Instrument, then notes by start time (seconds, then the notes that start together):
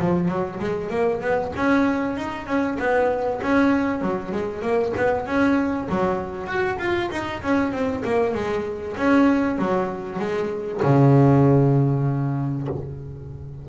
double bass
0.00 F3
0.28 F#3
0.60 G#3
0.90 A#3
1.21 B3
1.56 C#4
2.18 D#4
2.47 C#4
2.79 B3
3.42 C#4
4.02 F#3
4.32 G#3
4.62 A#3
4.97 B3
5.27 C#4
5.90 F#3
6.47 F#4
6.79 F4
7.11 D#4
7.43 C#4
7.73 C4
8.05 A#3
8.35 G#3
8.97 C#4
9.58 F#3
10.19 G#3
10.83 C#3